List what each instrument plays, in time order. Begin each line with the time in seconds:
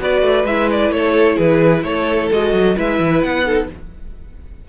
0.00 cello B3, viola F#4, violin B4 D5
0.22 cello A3
0.44 cello G#3, viola E4, violin E5
0.72 violin D5
0.91 cello A3, violin A4 C#5
1.36 cello E3, violin G#4 B4
1.84 cello A3, violin A4 C#5
2.31 cello G#3, viola F#4, violin D#5
2.53 cello F#3
2.76 cello G#3, viola E4, violin B4 E5
3.00 cello E3
3.22 cello B3, violin F#5
3.45 viola D#4, violin A4